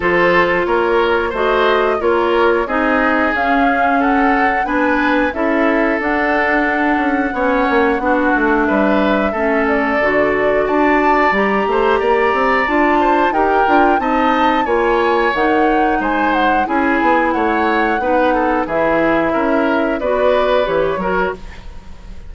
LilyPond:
<<
  \new Staff \with { instrumentName = "flute" } { \time 4/4 \tempo 4 = 90 c''4 cis''4 dis''4 cis''4 | dis''4 f''4 fis''4 gis''4 | e''4 fis''2.~ | fis''4 e''4. d''4. |
a''4 ais''2 a''4 | g''4 a''4 gis''4 fis''4 | gis''8 fis''8 gis''4 fis''2 | e''2 d''4 cis''4 | }
  \new Staff \with { instrumentName = "oboe" } { \time 4/4 a'4 ais'4 c''4 ais'4 | gis'2 a'4 b'4 | a'2. cis''4 | fis'4 b'4 a'2 |
d''4. c''8 d''4. c''8 | ais'4 dis''4 cis''2 | c''4 gis'4 cis''4 b'8 a'8 | gis'4 ais'4 b'4. ais'8 | }
  \new Staff \with { instrumentName = "clarinet" } { \time 4/4 f'2 fis'4 f'4 | dis'4 cis'2 d'4 | e'4 d'2 cis'4 | d'2 cis'4 fis'4~ |
fis'4 g'2 f'4 | g'8 f'8 dis'4 f'4 dis'4~ | dis'4 e'2 dis'4 | e'2 fis'4 g'8 fis'8 | }
  \new Staff \with { instrumentName = "bassoon" } { \time 4/4 f4 ais4 a4 ais4 | c'4 cis'2 b4 | cis'4 d'4. cis'8 b8 ais8 | b8 a8 g4 a4 d4 |
d'4 g8 a8 ais8 c'8 d'4 | dis'8 d'8 c'4 ais4 dis4 | gis4 cis'8 b8 a4 b4 | e4 cis'4 b4 e8 fis8 | }
>>